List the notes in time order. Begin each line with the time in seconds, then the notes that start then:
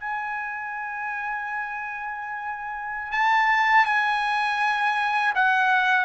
0.00 G#5
3.12 A5
3.86 G#5
5.35 F#5